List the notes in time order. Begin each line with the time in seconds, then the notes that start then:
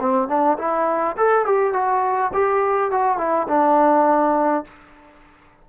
0.00 C4
0.29 D4
0.58 E4
1.17 A4
1.46 G4
1.73 F#4
2.34 G4
2.91 F#4
3.18 E4
3.48 D4